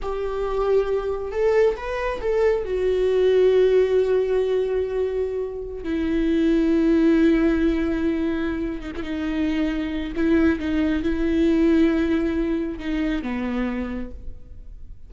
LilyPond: \new Staff \with { instrumentName = "viola" } { \time 4/4 \tempo 4 = 136 g'2. a'4 | b'4 a'4 fis'2~ | fis'1~ | fis'4~ fis'16 e'2~ e'8.~ |
e'1 | dis'16 e'16 dis'2~ dis'8 e'4 | dis'4 e'2.~ | e'4 dis'4 b2 | }